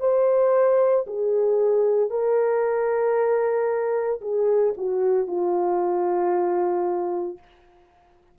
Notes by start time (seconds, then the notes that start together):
0.00 C5
1.07 G#4
2.10 A#4
4.21 G#4
4.77 F#4
5.27 F4